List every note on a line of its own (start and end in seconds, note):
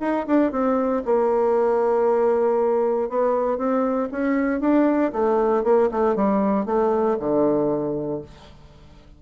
0.00 0.26 D#4
0.26 0.52 D4
0.52 1.03 C4
1.05 3.09 A#3
3.09 3.57 B3
3.57 4.09 C4
4.11 4.60 C#4
4.60 5.12 D4
5.12 5.63 A3
5.63 5.89 A#3
5.91 6.15 A3
6.15 6.65 G3
6.65 7.17 A3
7.19 8.21 D3